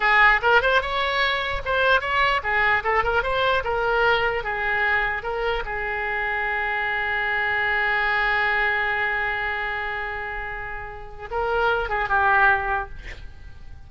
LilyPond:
\new Staff \with { instrumentName = "oboe" } { \time 4/4 \tempo 4 = 149 gis'4 ais'8 c''8 cis''2 | c''4 cis''4 gis'4 a'8 ais'8 | c''4 ais'2 gis'4~ | gis'4 ais'4 gis'2~ |
gis'1~ | gis'1~ | gis'1 | ais'4. gis'8 g'2 | }